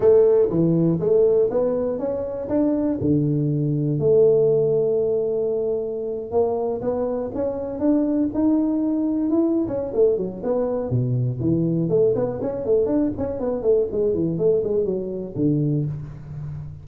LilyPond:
\new Staff \with { instrumentName = "tuba" } { \time 4/4 \tempo 4 = 121 a4 e4 a4 b4 | cis'4 d'4 d2 | a1~ | a8. ais4 b4 cis'4 d'16~ |
d'8. dis'2 e'8. cis'8 | a8 fis8 b4 b,4 e4 | a8 b8 cis'8 a8 d'8 cis'8 b8 a8 | gis8 e8 a8 gis8 fis4 d4 | }